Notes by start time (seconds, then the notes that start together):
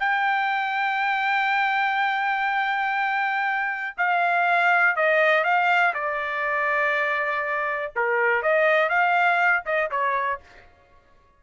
0.00 G5
3.98 F5
4.96 D#5
5.44 F5
5.94 D5
7.96 A#4
8.42 D#5
8.89 F5
9.66 D#5
9.91 C#5